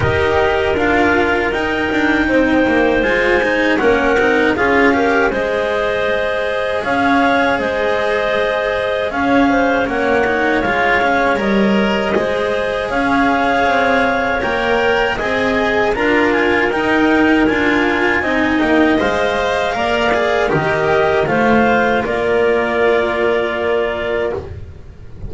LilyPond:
<<
  \new Staff \with { instrumentName = "clarinet" } { \time 4/4 \tempo 4 = 79 dis''4 f''4 g''2 | gis''4 fis''4 f''4 dis''4~ | dis''4 f''4 dis''2 | f''4 fis''4 f''4 dis''4~ |
dis''4 f''2 g''4 | gis''4 ais''8 gis''8 g''4 gis''4~ | gis''8 g''8 f''2 dis''4 | f''4 d''2. | }
  \new Staff \with { instrumentName = "clarinet" } { \time 4/4 ais'2. c''4~ | c''4 ais'4 gis'8 ais'8 c''4~ | c''4 cis''4 c''2 | cis''8 c''8 cis''2. |
c''4 cis''2. | dis''4 ais'2. | dis''2 d''4 ais'4 | c''4 ais'2. | }
  \new Staff \with { instrumentName = "cello" } { \time 4/4 g'4 f'4 dis'2 | f'8 dis'8 cis'8 dis'8 f'8 g'8 gis'4~ | gis'1~ | gis'4 cis'8 dis'8 f'8 cis'8 ais'4 |
gis'2. ais'4 | gis'4 f'4 dis'4 f'4 | dis'4 c''4 ais'8 gis'8 g'4 | f'1 | }
  \new Staff \with { instrumentName = "double bass" } { \time 4/4 dis'4 d'4 dis'8 d'8 c'8 ais8 | gis4 ais8 c'8 cis'4 gis4~ | gis4 cis'4 gis2 | cis'4 ais4 gis4 g4 |
gis4 cis'4 c'4 ais4 | c'4 d'4 dis'4 d'4 | c'8 ais8 gis4 ais4 dis4 | a4 ais2. | }
>>